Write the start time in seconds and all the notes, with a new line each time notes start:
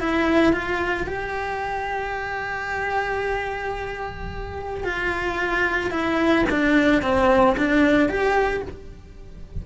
0.00 E4
0.53 F4
1.07 G4
4.85 F4
5.91 E4
6.50 D4
7.02 C4
7.57 D4
8.09 G4